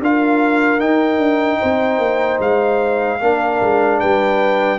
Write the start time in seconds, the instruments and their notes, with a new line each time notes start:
0.00 tuba D4, trombone F4, horn A#4, trumpet F5
0.79 tuba D#4, trombone D#4, trumpet G5
1.18 tuba D4
1.59 tuba C4, horn C5
1.98 tuba A#3
2.39 tuba G#3, trumpet F5
3.20 tuba A#3, trombone D4, horn A#4
3.61 tuba G#3
3.99 tuba G3, horn B4, trumpet G5